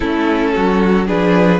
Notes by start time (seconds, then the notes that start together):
0.00 A3 C#4 E4 A4
0.54 F#3 F#4
1.07 F3 D4 G#4 B4